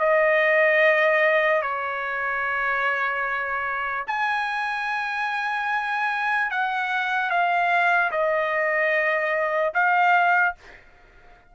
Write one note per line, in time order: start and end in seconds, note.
0.00 1.62 D#5
1.62 4.05 C#5
4.08 6.51 G#5
6.51 7.30 F#5
7.30 8.11 F5
8.11 9.73 D#5
9.74 10.55 F5